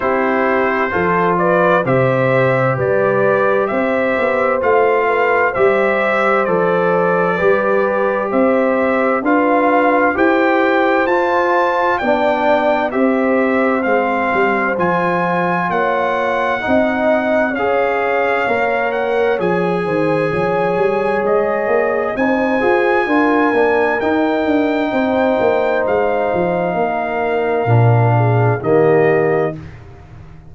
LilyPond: <<
  \new Staff \with { instrumentName = "trumpet" } { \time 4/4 \tempo 4 = 65 c''4. d''8 e''4 d''4 | e''4 f''4 e''4 d''4~ | d''4 e''4 f''4 g''4 | a''4 g''4 e''4 f''4 |
gis''4 fis''2 f''4~ | f''8 fis''8 gis''2 dis''4 | gis''2 g''2 | f''2. dis''4 | }
  \new Staff \with { instrumentName = "horn" } { \time 4/4 g'4 a'8 b'8 c''4 b'4 | c''4. b'8 c''2 | b'4 c''4 b'4 c''4~ | c''4 d''4 c''2~ |
c''4 cis''4 dis''4 cis''4~ | cis''4. c''8 cis''2 | c''4 ais'2 c''4~ | c''4 ais'4. gis'8 g'4 | }
  \new Staff \with { instrumentName = "trombone" } { \time 4/4 e'4 f'4 g'2~ | g'4 f'4 g'4 a'4 | g'2 f'4 g'4 | f'4 d'4 g'4 c'4 |
f'2 dis'4 gis'4 | ais'4 gis'2. | dis'8 gis'8 f'8 d'8 dis'2~ | dis'2 d'4 ais4 | }
  \new Staff \with { instrumentName = "tuba" } { \time 4/4 c'4 f4 c4 g4 | c'8 b8 a4 g4 f4 | g4 c'4 d'4 e'4 | f'4 b4 c'4 gis8 g8 |
f4 ais4 c'4 cis'4 | ais4 f8 dis8 f8 g8 gis8 ais8 | c'8 f'8 d'8 ais8 dis'8 d'8 c'8 ais8 | gis8 f8 ais4 ais,4 dis4 | }
>>